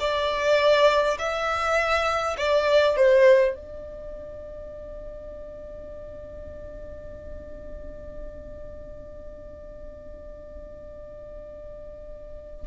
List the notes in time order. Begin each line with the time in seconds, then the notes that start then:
0.00 D5
1.19 E5
2.37 D5
2.96 C5
3.55 D5